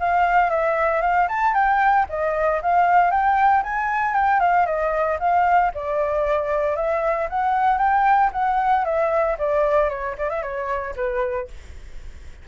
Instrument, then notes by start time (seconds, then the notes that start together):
flute
0.00 F5
0.51 E5
1.02 F5
1.29 A5
1.54 G5
2.10 D#5
2.63 F5
3.11 G5
3.64 G#5
4.15 G5
4.41 F5
4.66 D#5
5.20 F5
5.75 D5
6.76 E5
7.30 F#5
7.79 G5
8.33 F#5
8.85 E5
9.39 D5
9.90 C#5
10.18 D5
10.30 E5
10.43 C#5
10.96 B4